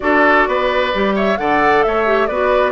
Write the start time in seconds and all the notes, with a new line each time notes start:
0.00 D4 F#4 A4 D5
0.47 B3 B4
0.94 G3 G4
1.15 C#5 E5
1.37 D3 A4 D5 F#5
1.83 A3 C#5 E5
2.05 G4
2.27 B3 F#4 B4 D5